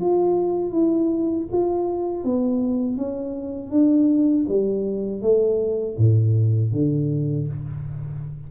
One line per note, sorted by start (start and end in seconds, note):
0.00 0.71 F4
0.71 1.46 E4
1.52 2.23 F4
2.23 2.97 B3
2.97 3.70 C#4
3.70 4.45 D4
4.48 5.21 G3
5.21 5.96 A3
5.97 6.72 A2
6.72 7.47 D3